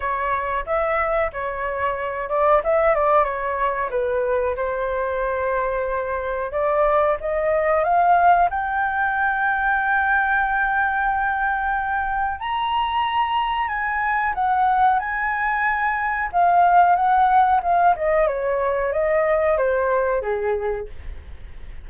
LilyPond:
\new Staff \with { instrumentName = "flute" } { \time 4/4 \tempo 4 = 92 cis''4 e''4 cis''4. d''8 | e''8 d''8 cis''4 b'4 c''4~ | c''2 d''4 dis''4 | f''4 g''2.~ |
g''2. ais''4~ | ais''4 gis''4 fis''4 gis''4~ | gis''4 f''4 fis''4 f''8 dis''8 | cis''4 dis''4 c''4 gis'4 | }